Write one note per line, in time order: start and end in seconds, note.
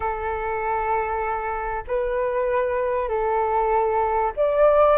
0.00 1.83 A4
1.87 3.08 B4
3.08 4.32 A4
4.36 4.98 D5